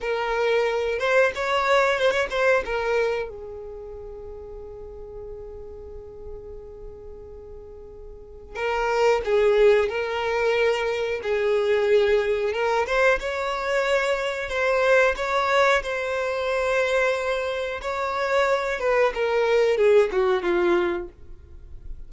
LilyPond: \new Staff \with { instrumentName = "violin" } { \time 4/4 \tempo 4 = 91 ais'4. c''8 cis''4 c''16 cis''16 c''8 | ais'4 gis'2.~ | gis'1~ | gis'4 ais'4 gis'4 ais'4~ |
ais'4 gis'2 ais'8 c''8 | cis''2 c''4 cis''4 | c''2. cis''4~ | cis''8 b'8 ais'4 gis'8 fis'8 f'4 | }